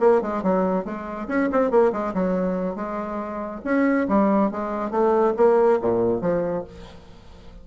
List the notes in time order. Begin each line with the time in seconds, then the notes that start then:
0.00 A#3
0.21 G#3
0.43 F#3
0.85 G#3
1.28 C#4
1.52 C4
1.70 A#3
1.92 G#3
2.14 F#3
2.75 G#3
3.64 C#4
4.08 G3
4.51 G#3
4.91 A3
5.37 A#3
5.81 A#2
6.21 F3